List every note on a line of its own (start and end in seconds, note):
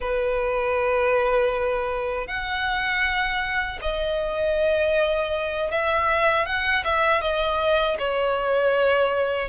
0.00 2.27 B4
2.27 3.79 F#5
3.81 5.71 D#5
5.71 6.46 E5
6.46 6.84 F#5
6.84 7.21 E5
7.21 7.97 D#5
7.99 9.48 C#5